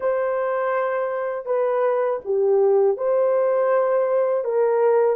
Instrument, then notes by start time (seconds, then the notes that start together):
horn
0.00 C5
1.45 B4
2.24 G4
2.97 C5
4.44 A#4